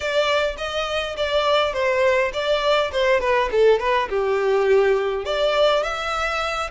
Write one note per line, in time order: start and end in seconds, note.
0.00 0.56 D5
0.57 1.15 D#5
1.17 1.73 D5
1.73 2.31 C5
2.33 2.91 D5
2.92 3.20 C5
3.20 3.49 B4
3.51 3.79 A4
3.79 4.08 B4
4.09 5.25 G4
5.25 5.83 D5
5.83 6.70 E5